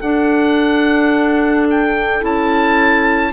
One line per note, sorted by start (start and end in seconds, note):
0.00 2.23 D4
0.00 2.21 D4
0.00 3.33 A4
0.00 1.68 F#5
1.70 2.25 G5
2.21 3.33 C#4
2.21 3.32 E4
2.21 3.33 A5